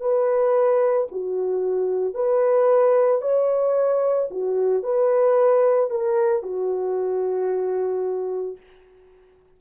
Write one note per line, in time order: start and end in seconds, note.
0.00 1.07 B4
1.11 2.14 F#4
2.14 3.21 B4
3.21 4.29 C#5
4.30 4.83 F#4
4.83 5.90 B4
5.90 6.42 A#4
6.42 8.57 F#4